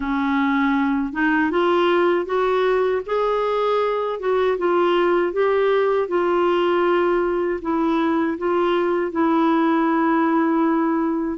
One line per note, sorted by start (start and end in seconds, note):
0.00 1.12 C#4
1.12 1.50 D#4
1.50 2.25 F4
2.25 3.01 F#4
3.06 4.19 G#4
4.19 4.57 F#4
4.58 5.32 F4
5.32 6.08 G4
6.08 7.59 F4
7.62 8.38 E4
8.38 9.11 F4
9.11 11.38 E4